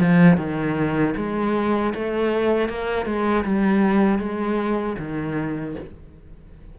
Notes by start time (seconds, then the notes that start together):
0.00 F3
0.37 D#3
1.16 G#3
1.94 A3
2.69 A#3
3.05 G#3
3.44 G3
4.19 G#3
4.98 D#3